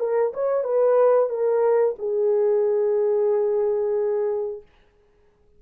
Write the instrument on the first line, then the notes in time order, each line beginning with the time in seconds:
horn
0.00 A#4
0.34 C#5
0.64 B4
1.30 A#4
1.99 G#4